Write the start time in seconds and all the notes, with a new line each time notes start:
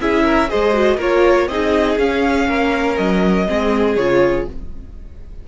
0.00 C#4 E4 G#4 E5
0.24 A#4
0.48 G#3 G#4 C5 D#5
0.73 F#4
0.96 A#3 F4 A#4 C#5
1.47 C4 D#4 G#4 D#5
1.98 C#4 F5
2.48 A#3 A#4
2.97 F#3 D#5
3.47 G#3 C4 G#4
3.96 C#3 F4 C#5